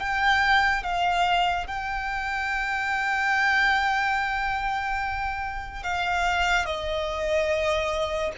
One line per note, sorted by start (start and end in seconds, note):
0.00 0.83 G5
0.84 1.67 F5
1.67 5.83 G5
5.83 6.66 F5
6.66 8.33 D#5